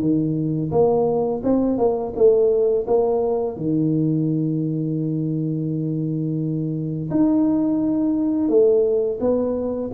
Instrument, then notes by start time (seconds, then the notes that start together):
tuba
0.00 D#3
0.71 A#3
1.43 C4
1.77 A#3
2.15 A3
2.87 A#3
3.56 D#3
7.10 D#4
8.48 A3
9.20 B3